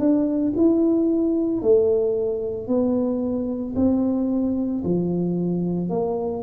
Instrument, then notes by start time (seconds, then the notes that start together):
tuba
0.00 D4
0.57 E4
1.62 A3
2.67 B3
3.76 C4
4.85 F3
5.90 A#3